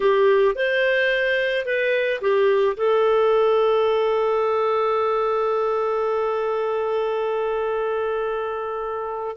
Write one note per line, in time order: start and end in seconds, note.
0.00 0.55 G4
0.55 1.65 C5
1.65 2.20 B4
2.21 2.76 G4
2.76 9.36 A4